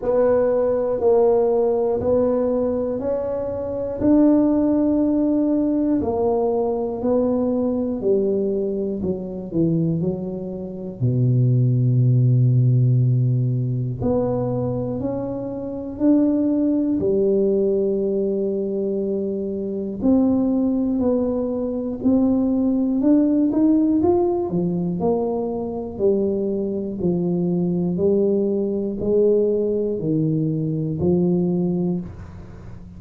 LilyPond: \new Staff \with { instrumentName = "tuba" } { \time 4/4 \tempo 4 = 60 b4 ais4 b4 cis'4 | d'2 ais4 b4 | g4 fis8 e8 fis4 b,4~ | b,2 b4 cis'4 |
d'4 g2. | c'4 b4 c'4 d'8 dis'8 | f'8 f8 ais4 g4 f4 | g4 gis4 dis4 f4 | }